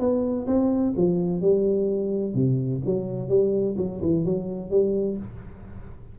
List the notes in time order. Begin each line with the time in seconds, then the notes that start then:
0.00 B3
0.47 C4
0.97 F3
1.42 G3
2.35 C3
2.86 F#3
3.29 G3
3.78 F#3
4.02 E3
4.25 F#3
4.70 G3